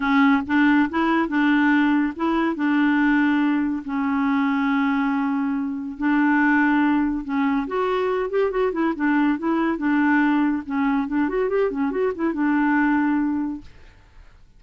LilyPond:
\new Staff \with { instrumentName = "clarinet" } { \time 4/4 \tempo 4 = 141 cis'4 d'4 e'4 d'4~ | d'4 e'4 d'2~ | d'4 cis'2.~ | cis'2 d'2~ |
d'4 cis'4 fis'4. g'8 | fis'8 e'8 d'4 e'4 d'4~ | d'4 cis'4 d'8 fis'8 g'8 cis'8 | fis'8 e'8 d'2. | }